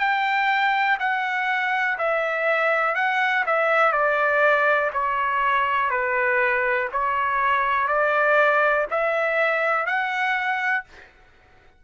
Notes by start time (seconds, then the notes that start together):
0.00 G5
1.00 F#5
1.99 E5
2.96 F#5
3.46 E5
3.93 D5
4.93 C#5
5.91 B4
6.93 C#5
7.88 D5
8.91 E5
9.86 F#5